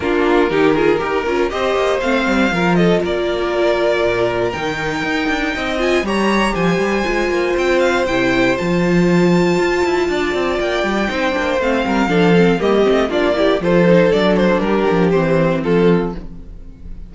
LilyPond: <<
  \new Staff \with { instrumentName = "violin" } { \time 4/4 \tempo 4 = 119 ais'2. dis''4 | f''4. dis''8 d''2~ | d''4 g''2~ g''8 gis''8 | ais''4 gis''2 g''8 f''8 |
g''4 a''2.~ | a''4 g''2 f''4~ | f''4 dis''4 d''4 c''4 | d''8 c''8 ais'4 c''4 a'4 | }
  \new Staff \with { instrumentName = "violin" } { \time 4/4 f'4 g'8 gis'8 ais'4 c''4~ | c''4 ais'8 a'8 ais'2~ | ais'2. dis''4 | cis''4 c''2.~ |
c''1 | d''2 c''4. ais'8 | a'4 g'4 f'8 g'8 a'4~ | a'4 g'2 f'4 | }
  \new Staff \with { instrumentName = "viola" } { \time 4/4 d'4 dis'8 f'8 g'8 f'8 g'4 | c'4 f'2.~ | f'4 dis'2~ dis'8 f'8 | g'2 f'2 |
e'4 f'2.~ | f'2 dis'8 d'8 c'4 | d'8 c'8 ais8 c'8 d'8 e'8 f'8 dis'8 | d'2 c'2 | }
  \new Staff \with { instrumentName = "cello" } { \time 4/4 ais4 dis4 dis'8 cis'8 c'8 ais8 | a8 g8 f4 ais2 | ais,4 dis4 dis'8 d'8 c'4 | g4 f8 g8 gis8 ais8 c'4 |
c4 f2 f'8 e'8 | d'8 c'8 ais8 g8 c'8 ais8 a8 g8 | f4 g8 a8 ais4 f4 | fis4 g8 f8 e4 f4 | }
>>